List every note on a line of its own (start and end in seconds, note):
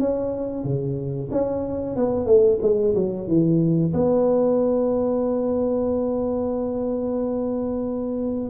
0.00 0.64 C#4
0.64 1.30 C#3
1.32 1.97 C#4
1.97 2.26 B3
2.26 2.59 A3
2.62 2.95 G#3
2.96 3.28 F#3
3.28 3.93 E3
3.94 8.50 B3